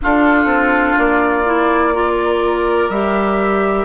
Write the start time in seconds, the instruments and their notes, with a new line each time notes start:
0.01 clarinet D4, bassoon D4, oboe F4, flute A4
0.45 bassoon C4
0.98 bassoon A#3, flute D5
1.45 clarinet E4
1.93 clarinet F4, oboe A#4
2.89 bassoon G3, clarinet G4, flute E5